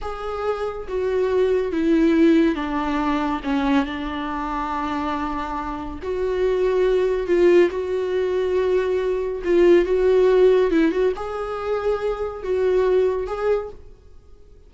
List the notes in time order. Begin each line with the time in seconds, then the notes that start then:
0.01 G#4
0.87 F#4
1.71 E4
2.55 D4
3.43 C#4
3.85 D4
6.02 F#4
7.26 F4
7.70 F#4
9.44 F4
9.85 F#4
10.70 E4
10.91 F#4
11.15 G#4
12.43 F#4
13.26 G#4